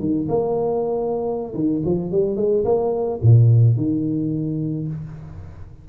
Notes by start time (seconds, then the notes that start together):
0.00 D#3
0.29 A#3
1.55 D#3
1.85 F3
2.11 G3
2.37 G#3
2.65 A#3
3.22 A#2
3.77 D#3